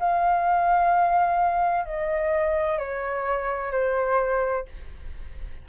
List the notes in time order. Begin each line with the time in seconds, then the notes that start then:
0.00 F5
1.85 D#5
2.79 C#5
3.72 C5